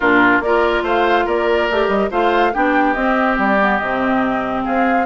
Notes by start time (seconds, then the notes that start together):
0.00 A#2 D4 F4 A#4
0.39 A#3 F4 A#4 D5
0.82 A3 C5 F5
1.25 A#3 A#4 D5
1.70 A3 G4
1.87 G3 D#5
2.10 A3 F4 C5 F5
2.53 B3 D4 G4 G5
2.94 C4 D#5
3.38 G3 D5
3.60 B3
3.77 C3 C4 D#5
4.64 C4 G#4 F5